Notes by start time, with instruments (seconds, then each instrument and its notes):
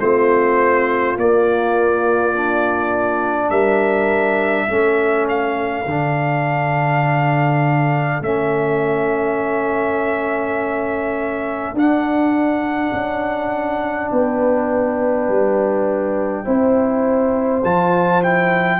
0.00 tuba A3, trombone C4, horn F4, trumpet C5
1.16 tuba A#3, trombone A#3, trumpet D5
2.34 trombone D4
3.50 tuba G3, horn A#4, trumpet E5
4.67 tuba A3, trombone C#4, horn A4
5.29 trumpet F5
5.86 tuba D3, trombone D4
8.21 tuba A3, trombone C#4, trumpet E5
11.73 tuba D4, trombone D4, trumpet F#5
12.93 tuba C#4
14.12 tuba B3, horn B4, trumpet G5
15.29 tuba G3
16.45 tuba C4, trombone E4, horn C5
17.64 tuba F3, trombone F4, trumpet A5
18.23 trombone E4, trumpet G5